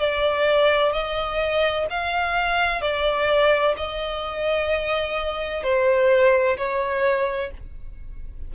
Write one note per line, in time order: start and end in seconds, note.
0.00 0.93 D5
0.93 1.87 D#5
1.90 2.82 F5
2.82 3.75 D5
3.78 5.63 D#5
5.63 6.57 C5
6.58 7.51 C#5